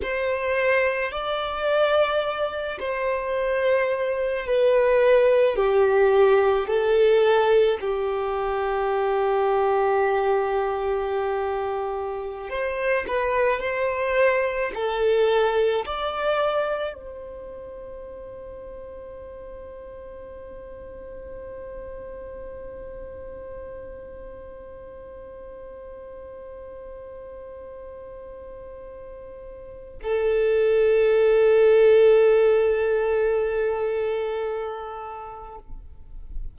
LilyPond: \new Staff \with { instrumentName = "violin" } { \time 4/4 \tempo 4 = 54 c''4 d''4. c''4. | b'4 g'4 a'4 g'4~ | g'2.~ g'16 c''8 b'16~ | b'16 c''4 a'4 d''4 c''8.~ |
c''1~ | c''1~ | c''2. a'4~ | a'1 | }